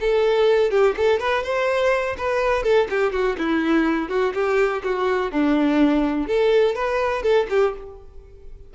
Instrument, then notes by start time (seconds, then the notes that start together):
violin
0.00 A4
0.71 G4
0.97 A4
1.19 B4
1.43 C5
2.18 B4
2.63 A4
2.90 G4
3.12 F#4
3.38 E4
4.09 F#4
4.34 G4
4.83 F#4
5.31 D4
6.27 A4
6.75 B4
7.23 A4
7.50 G4